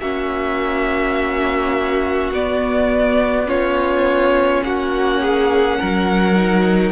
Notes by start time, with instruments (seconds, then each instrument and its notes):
0.00 cello A#3, viola C#4, violin F#4 E5
2.31 cello B3, viola B3, violin D5
3.46 viola C#4, violin F4 C#5
4.63 cello A#3, violin F#4 F#5
5.21 violin G#4
5.79 cello F#3, violin A#4
6.36 viola D#4